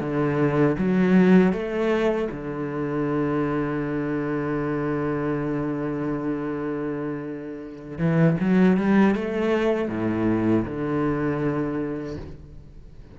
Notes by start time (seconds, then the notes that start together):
0.00 D3
0.78 F#3
1.52 A3
2.31 D3
7.98 E3
8.40 F#3
8.77 G3
9.15 A3
9.88 A2
10.65 D3